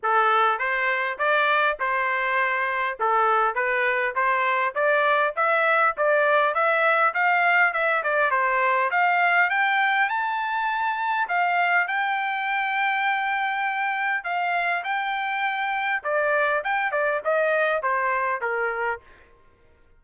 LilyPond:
\new Staff \with { instrumentName = "trumpet" } { \time 4/4 \tempo 4 = 101 a'4 c''4 d''4 c''4~ | c''4 a'4 b'4 c''4 | d''4 e''4 d''4 e''4 | f''4 e''8 d''8 c''4 f''4 |
g''4 a''2 f''4 | g''1 | f''4 g''2 d''4 | g''8 d''8 dis''4 c''4 ais'4 | }